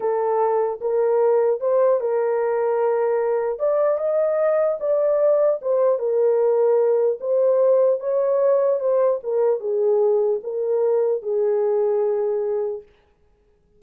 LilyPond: \new Staff \with { instrumentName = "horn" } { \time 4/4 \tempo 4 = 150 a'2 ais'2 | c''4 ais'2.~ | ais'4 d''4 dis''2 | d''2 c''4 ais'4~ |
ais'2 c''2 | cis''2 c''4 ais'4 | gis'2 ais'2 | gis'1 | }